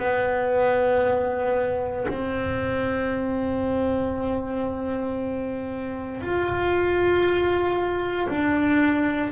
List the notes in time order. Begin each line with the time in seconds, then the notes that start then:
0.00 B3
2.09 C4
6.22 F4
8.29 D4